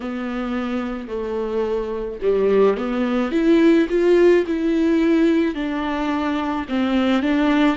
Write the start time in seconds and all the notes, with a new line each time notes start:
0.00 B3
1.08 A3
2.22 G3
2.77 B3
3.31 E4
3.89 F4
4.46 E4
5.55 D4
6.68 C4
7.22 D4